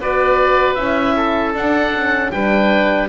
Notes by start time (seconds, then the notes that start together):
0.00 B3 F#4 B4 D5
0.74 C#4 E4 E5
1.16 A4
1.53 D4 F#5
1.93 C#4
2.31 G3 D4 B4 G5